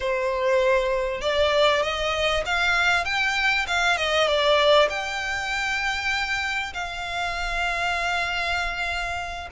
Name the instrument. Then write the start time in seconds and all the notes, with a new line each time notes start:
violin
0.00 C5
1.21 D5
1.82 D#5
2.45 F5
3.04 G5
3.67 F5
3.97 D#5
4.27 D5
4.89 G5
6.73 F5